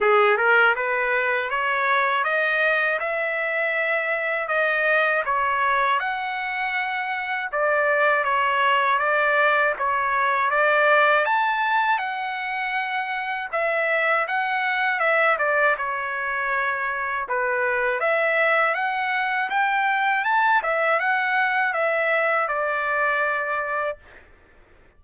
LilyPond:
\new Staff \with { instrumentName = "trumpet" } { \time 4/4 \tempo 4 = 80 gis'8 ais'8 b'4 cis''4 dis''4 | e''2 dis''4 cis''4 | fis''2 d''4 cis''4 | d''4 cis''4 d''4 a''4 |
fis''2 e''4 fis''4 | e''8 d''8 cis''2 b'4 | e''4 fis''4 g''4 a''8 e''8 | fis''4 e''4 d''2 | }